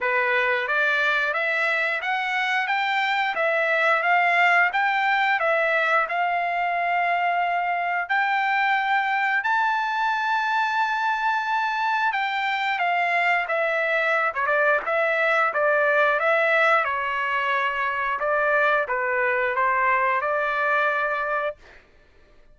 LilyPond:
\new Staff \with { instrumentName = "trumpet" } { \time 4/4 \tempo 4 = 89 b'4 d''4 e''4 fis''4 | g''4 e''4 f''4 g''4 | e''4 f''2. | g''2 a''2~ |
a''2 g''4 f''4 | e''4~ e''16 cis''16 d''8 e''4 d''4 | e''4 cis''2 d''4 | b'4 c''4 d''2 | }